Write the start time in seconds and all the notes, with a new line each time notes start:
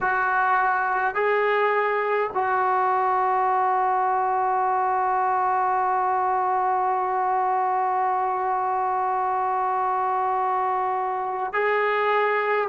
0.00 F#4
1.14 G#4
2.34 F#4
11.53 G#4